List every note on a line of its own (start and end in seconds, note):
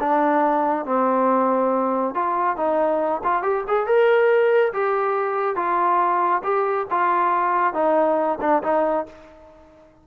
0.00 0.86 D4
0.86 2.15 C4
2.15 2.57 F4
2.57 3.22 D#4
3.24 3.43 F4
3.43 3.65 G4
3.68 3.87 G#4
3.87 4.73 A#4
4.73 5.56 G4
5.56 6.43 F4
6.44 6.87 G4
6.91 7.74 F4
7.74 8.39 D#4
8.42 8.63 D4
8.63 9.06 D#4